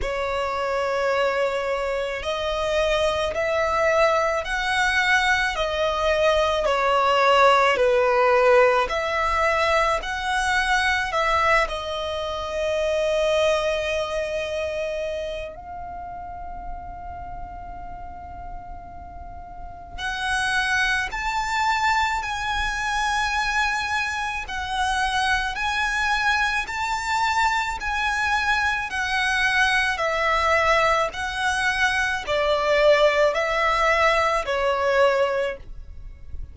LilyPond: \new Staff \with { instrumentName = "violin" } { \time 4/4 \tempo 4 = 54 cis''2 dis''4 e''4 | fis''4 dis''4 cis''4 b'4 | e''4 fis''4 e''8 dis''4.~ | dis''2 f''2~ |
f''2 fis''4 a''4 | gis''2 fis''4 gis''4 | a''4 gis''4 fis''4 e''4 | fis''4 d''4 e''4 cis''4 | }